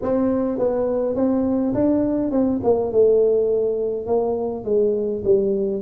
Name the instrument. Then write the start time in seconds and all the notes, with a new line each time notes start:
tuba
0.02 C4
0.58 B3
1.15 C4
1.74 D4
2.31 C4
2.63 A#3
2.91 A3
4.06 A#3
4.64 G#3
5.24 G3